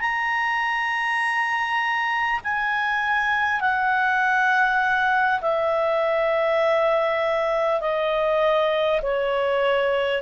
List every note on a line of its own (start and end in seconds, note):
0.00 2.40 A#5
2.44 3.60 G#5
3.60 5.40 F#5
5.41 7.81 E5
7.81 9.01 D#5
9.02 10.22 C#5